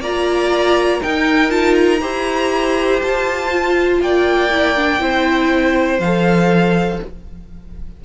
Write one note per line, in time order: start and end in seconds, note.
0.00 1.00 A#3
0.00 1.02 F4
0.00 1.00 D5
0.00 1.02 A#5
1.02 1.50 D#4
1.02 2.01 D#4
1.02 2.01 A#4
1.02 1.51 G5
1.50 2.00 F4
1.50 1.75 A5
1.75 3.00 A#5
2.01 3.01 E4
2.01 3.50 G4
2.01 4.01 C5
3.02 4.01 F4
3.02 4.02 A5
3.50 4.50 F4
4.01 5.00 A#3
4.01 5.02 D5
4.01 6.00 G5
4.51 4.76 E4
4.76 4.99 D4
4.99 5.99 C4
4.99 5.99 E4
4.99 7.02 C5
5.99 6.99 F3
5.99 7.05 A4
5.99 7.00 F5